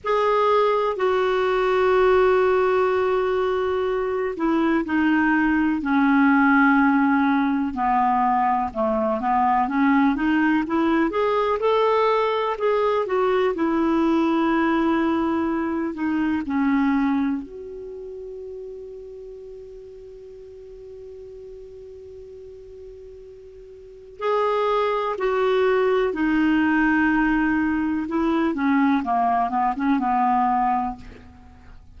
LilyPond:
\new Staff \with { instrumentName = "clarinet" } { \time 4/4 \tempo 4 = 62 gis'4 fis'2.~ | fis'8 e'8 dis'4 cis'2 | b4 a8 b8 cis'8 dis'8 e'8 gis'8 | a'4 gis'8 fis'8 e'2~ |
e'8 dis'8 cis'4 fis'2~ | fis'1~ | fis'4 gis'4 fis'4 dis'4~ | dis'4 e'8 cis'8 ais8 b16 cis'16 b4 | }